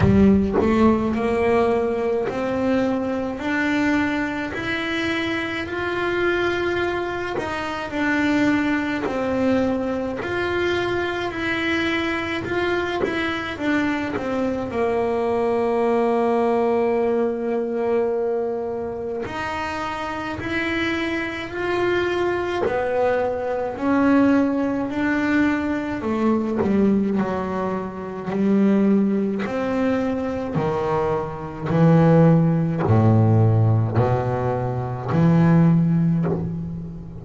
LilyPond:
\new Staff \with { instrumentName = "double bass" } { \time 4/4 \tempo 4 = 53 g8 a8 ais4 c'4 d'4 | e'4 f'4. dis'8 d'4 | c'4 f'4 e'4 f'8 e'8 | d'8 c'8 ais2.~ |
ais4 dis'4 e'4 f'4 | b4 cis'4 d'4 a8 g8 | fis4 g4 c'4 dis4 | e4 a,4 b,4 e4 | }